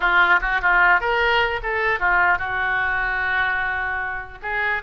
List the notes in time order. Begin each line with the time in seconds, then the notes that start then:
0.00 F4
0.41 F#4
0.61 F4
1.00 A#4
1.62 A4
1.99 F4
2.38 F#4
4.42 G#4